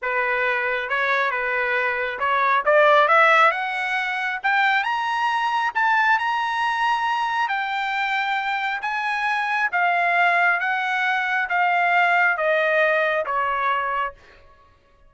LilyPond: \new Staff \with { instrumentName = "trumpet" } { \time 4/4 \tempo 4 = 136 b'2 cis''4 b'4~ | b'4 cis''4 d''4 e''4 | fis''2 g''4 ais''4~ | ais''4 a''4 ais''2~ |
ais''4 g''2. | gis''2 f''2 | fis''2 f''2 | dis''2 cis''2 | }